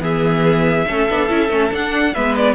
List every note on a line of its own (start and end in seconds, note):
0.00 0.85 E3
0.00 0.85 B3
0.00 0.86 G#4
0.00 1.73 E5
0.86 1.09 A3
0.86 1.09 C#4
0.86 2.13 A4
1.09 1.29 B3
1.09 1.28 D4
1.28 1.49 C#4
1.28 1.50 E4
1.49 1.71 A3
1.49 1.70 C#4
1.70 2.13 D4
1.70 2.14 D4
1.70 2.14 F#5
2.14 2.54 G#3
2.14 2.54 B3
2.14 2.54 B4
2.14 2.35 E5
2.36 2.54 D5